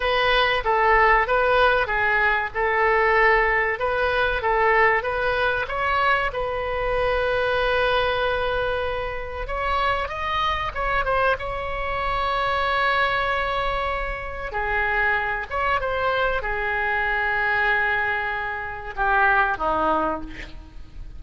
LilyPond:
\new Staff \with { instrumentName = "oboe" } { \time 4/4 \tempo 4 = 95 b'4 a'4 b'4 gis'4 | a'2 b'4 a'4 | b'4 cis''4 b'2~ | b'2. cis''4 |
dis''4 cis''8 c''8 cis''2~ | cis''2. gis'4~ | gis'8 cis''8 c''4 gis'2~ | gis'2 g'4 dis'4 | }